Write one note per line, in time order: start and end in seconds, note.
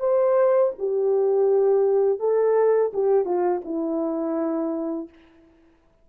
0.00 0.72 C5
0.79 2.20 G4
2.20 2.92 A4
2.94 3.25 G4
3.25 3.61 F4
3.65 5.09 E4